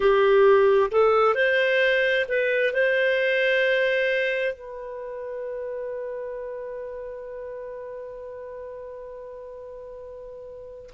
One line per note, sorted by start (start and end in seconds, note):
0.00 0.90 G4
0.91 1.34 A4
1.34 2.25 C5
2.28 2.73 B4
2.73 4.54 C5
4.54 10.90 B4